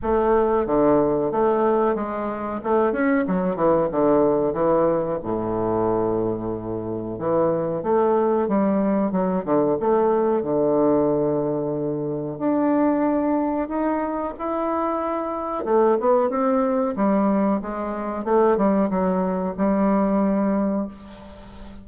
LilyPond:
\new Staff \with { instrumentName = "bassoon" } { \time 4/4 \tempo 4 = 92 a4 d4 a4 gis4 | a8 cis'8 fis8 e8 d4 e4 | a,2. e4 | a4 g4 fis8 d8 a4 |
d2. d'4~ | d'4 dis'4 e'2 | a8 b8 c'4 g4 gis4 | a8 g8 fis4 g2 | }